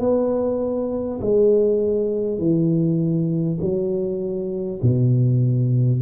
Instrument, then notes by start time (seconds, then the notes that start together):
tuba
0.00 B3
1.22 G#3
2.39 E3
3.61 F#3
4.83 B2